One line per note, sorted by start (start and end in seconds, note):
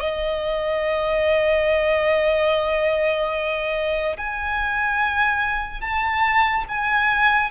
0.00 4.17 D#5
4.17 5.81 G#5
5.81 6.64 A5
6.69 7.51 G#5